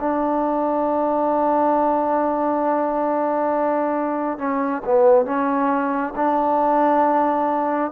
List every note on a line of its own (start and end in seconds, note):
0.00 4.39 D4
4.39 4.83 C#4
4.85 5.26 B3
5.26 6.14 C#4
6.16 7.92 D4